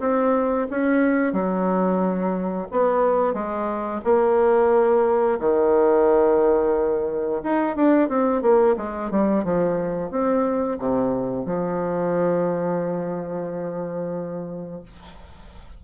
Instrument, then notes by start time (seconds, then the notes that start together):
bassoon
0.00 C4
0.70 C#4
1.33 F#3
2.72 B3
3.33 G#3
4.04 A#3
5.40 D#3
7.43 D#4
7.76 D4
8.09 C4
8.42 A#3
8.77 G#3
9.11 G3
9.44 F3
10.11 C4
10.79 C3
11.46 F3